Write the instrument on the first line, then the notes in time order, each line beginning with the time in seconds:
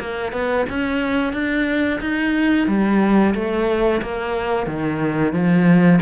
cello
0.00 A#3
0.32 B3
0.70 C#4
1.33 D4
2.01 D#4
2.68 G3
3.35 A3
4.02 A#3
4.67 D#3
5.33 F3